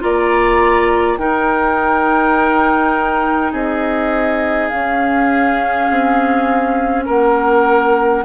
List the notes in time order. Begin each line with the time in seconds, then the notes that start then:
0.00 A#3 F4 D5 A#5
1.17 D#4 A#4 G5
3.52 C4 G#4 D#5
4.68 C#4 F5
5.90 C4
7.05 A#3 A#4 F#5